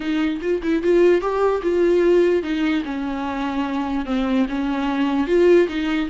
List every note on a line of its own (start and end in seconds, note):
0.00 0.40 D#4
0.41 0.61 F4
0.63 0.82 E4
0.82 1.21 F4
1.21 1.61 G4
1.62 2.42 F4
2.42 2.83 D#4
2.84 4.05 C#4
4.05 4.46 C4
4.48 5.27 C#4
5.27 5.67 F4
5.68 6.08 D#4